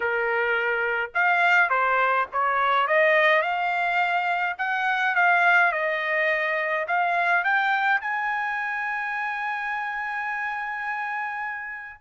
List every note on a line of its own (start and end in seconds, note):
0.00 1.10 A#4
1.14 1.69 F5
1.69 2.26 C5
2.32 2.87 C#5
2.87 3.41 D#5
3.41 4.56 F5
4.57 5.15 F#5
5.15 5.71 F5
5.71 6.86 D#5
6.87 7.43 F5
7.43 8.01 G5
8.01 12.01 G#5